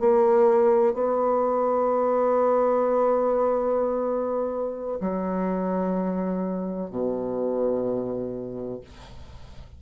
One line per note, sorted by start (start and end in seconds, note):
0.00 0.94 A#3
0.94 4.98 B3
5.00 6.90 F#3
6.90 8.81 B2